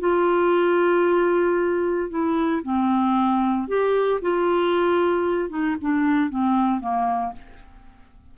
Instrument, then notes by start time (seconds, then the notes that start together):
clarinet
0.00 F4
2.10 E4
2.63 C4
3.68 G4
4.22 F4
5.49 D#4
5.81 D4
6.30 C4
6.80 A#3